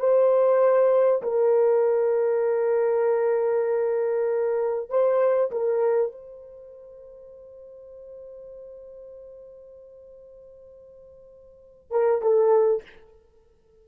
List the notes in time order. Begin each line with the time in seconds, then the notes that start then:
0.00 C5
1.23 A#4
4.90 C5
5.51 A#4
6.13 C5
11.91 A#4
12.22 A4